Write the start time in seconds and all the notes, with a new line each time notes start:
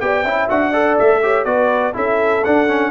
0.00 B3 G4 D5 G5
0.23 C#4 E4 E5
0.49 D4 F#4 F#5
0.71 A4 D5
0.98 A3 E5
1.22 G4 C#5
1.44 B3 F#4 B4 D5
1.93 C#4 E4 A4 E5
2.44 D4 F#5
2.68 C#4